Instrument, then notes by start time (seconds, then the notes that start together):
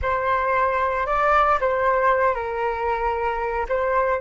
flute
0.01 C5
1.06 D5
1.60 C5
2.34 A#4
3.68 C5